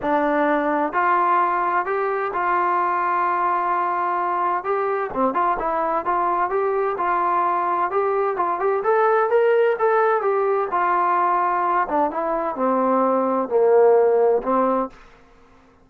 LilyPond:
\new Staff \with { instrumentName = "trombone" } { \time 4/4 \tempo 4 = 129 d'2 f'2 | g'4 f'2.~ | f'2 g'4 c'8 f'8 | e'4 f'4 g'4 f'4~ |
f'4 g'4 f'8 g'8 a'4 | ais'4 a'4 g'4 f'4~ | f'4. d'8 e'4 c'4~ | c'4 ais2 c'4 | }